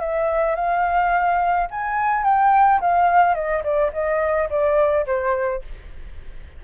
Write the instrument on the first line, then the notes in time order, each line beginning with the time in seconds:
flute
0.00 E5
0.55 F5
1.70 G#5
2.24 G5
2.80 F5
3.34 D#5
3.63 D5
3.93 D#5
4.49 D5
5.06 C5